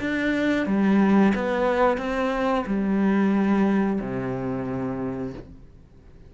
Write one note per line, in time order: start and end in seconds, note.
0.00 0.66 D4
0.66 1.33 G3
1.35 1.97 B3
1.97 2.64 C4
2.66 3.99 G3
4.00 5.33 C3